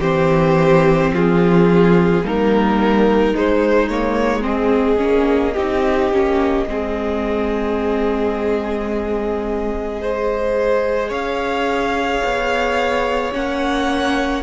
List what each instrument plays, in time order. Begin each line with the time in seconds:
0.00 cello E3, viola C4, violin G4 C5
1.12 cello F3, violin F4 G#4
2.22 cello G3, viola A#3, violin D#4 A#4
3.34 viola G#3, cello G#3, violin C5
3.89 viola A#3, violin C#5
4.42 viola C4, violin G#4 D#5
4.97 cello A#3, viola C#4
5.54 cello C4, viola D#4, violin G4
6.12 cello A#3, viola C#4
6.67 cello G#3, viola C4, violin G#4
9.99 viola G#4, violin C5
11.09 cello C#4, violin C#5 F5
12.24 cello B3
13.32 cello A#3, viola C#4, violin F#5